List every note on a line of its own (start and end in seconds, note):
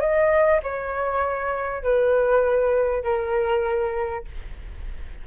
0.00 0.61 D#5
0.63 1.83 C#5
1.83 3.04 B4
3.04 4.25 A#4